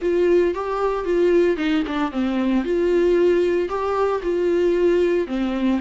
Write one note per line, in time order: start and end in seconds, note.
0.01 0.54 F4
0.54 1.04 G4
1.04 1.56 F4
1.56 1.83 D#4
1.87 2.11 D4
2.11 2.64 C4
2.64 3.68 F4
3.68 4.21 G4
4.22 5.27 F4
5.27 5.80 C4